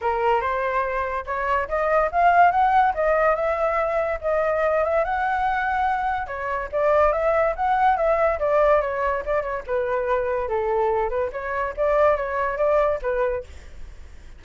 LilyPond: \new Staff \with { instrumentName = "flute" } { \time 4/4 \tempo 4 = 143 ais'4 c''2 cis''4 | dis''4 f''4 fis''4 dis''4 | e''2 dis''4. e''8 | fis''2. cis''4 |
d''4 e''4 fis''4 e''4 | d''4 cis''4 d''8 cis''8 b'4~ | b'4 a'4. b'8 cis''4 | d''4 cis''4 d''4 b'4 | }